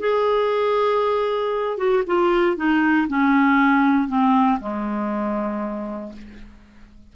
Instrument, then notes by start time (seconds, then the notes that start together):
clarinet
0.00 G#4
1.78 F#4
2.07 F4
2.57 D#4
3.09 C#4
4.08 C4
4.60 G#3